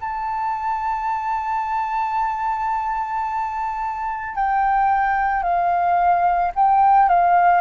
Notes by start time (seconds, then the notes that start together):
0.00 A5
4.35 G5
5.42 F5
6.55 G5
7.09 F5